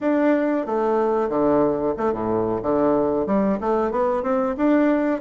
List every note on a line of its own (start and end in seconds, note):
0.01 0.66 D4
0.66 1.29 A3
1.29 1.94 D3
1.97 2.12 A3
2.12 2.61 A2
2.62 3.26 D3
3.26 3.59 G3
3.60 3.91 A3
3.91 4.22 B3
4.22 4.55 C4
4.57 5.21 D4